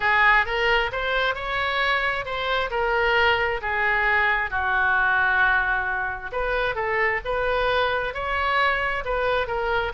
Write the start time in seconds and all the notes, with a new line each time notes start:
0.00 G#4
0.45 A#4
0.91 C5
1.34 C#5
2.25 C5
2.70 A#4
3.61 G#4
4.50 F#4
6.32 B4
6.75 A4
7.24 B4
8.13 C#5
9.05 B4
9.47 A#4